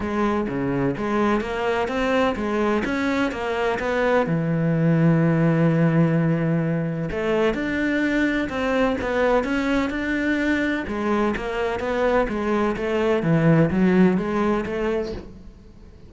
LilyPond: \new Staff \with { instrumentName = "cello" } { \time 4/4 \tempo 4 = 127 gis4 cis4 gis4 ais4 | c'4 gis4 cis'4 ais4 | b4 e2.~ | e2. a4 |
d'2 c'4 b4 | cis'4 d'2 gis4 | ais4 b4 gis4 a4 | e4 fis4 gis4 a4 | }